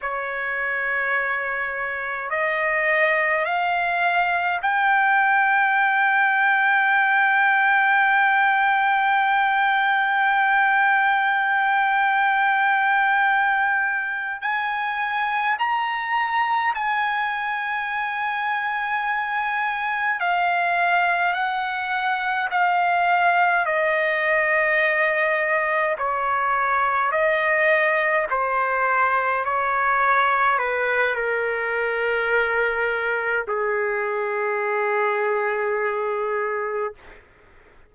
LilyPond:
\new Staff \with { instrumentName = "trumpet" } { \time 4/4 \tempo 4 = 52 cis''2 dis''4 f''4 | g''1~ | g''1~ | g''8 gis''4 ais''4 gis''4.~ |
gis''4. f''4 fis''4 f''8~ | f''8 dis''2 cis''4 dis''8~ | dis''8 c''4 cis''4 b'8 ais'4~ | ais'4 gis'2. | }